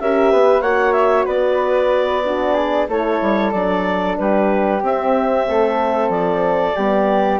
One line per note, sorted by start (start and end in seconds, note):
0.00 0.32 C#4
0.00 0.63 G4
0.00 0.31 A#4
0.00 0.62 E5
0.31 0.61 B3
0.31 0.61 B4
0.61 1.26 A#3
0.61 2.24 F#4
0.61 1.25 C#5
0.61 0.92 F#5
0.92 1.24 E5
1.25 2.88 B3
1.25 2.22 B4
1.25 2.88 D5
2.24 2.88 D4
2.24 2.54 F#4
2.54 2.86 G#4
2.88 3.20 A3
2.88 3.53 E4
2.88 4.18 A4
2.88 3.51 C#5
3.21 3.53 G3
3.51 4.18 F#3
3.51 4.81 D4
3.51 4.16 D5
4.17 4.82 G3
4.17 5.48 G4
4.17 4.82 B4
4.81 6.74 C4
4.81 5.47 C4
4.81 6.10 E5
5.48 6.09 A3
5.48 6.76 A4
6.09 6.73 F3
6.09 7.39 D5
6.76 7.39 G3
6.76 7.39 B3
6.76 7.39 G4